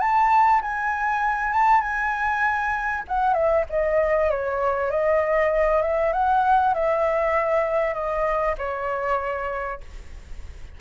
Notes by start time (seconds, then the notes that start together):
0.00 A5
0.62 G#5
1.53 A5
1.81 G#5
3.08 F#5
3.34 E5
3.70 D#5
4.30 C#5
4.90 D#5
5.82 E5
6.13 F#5
6.74 E5
7.94 D#5
8.58 C#5